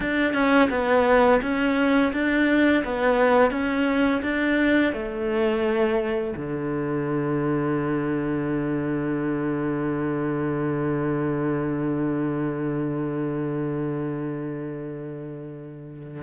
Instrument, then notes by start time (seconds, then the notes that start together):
cello
0.00 D4
0.33 C#4
0.70 B3
1.41 C#4
2.13 D4
2.84 B3
3.51 C#4
4.22 D4
4.92 A3
6.36 D3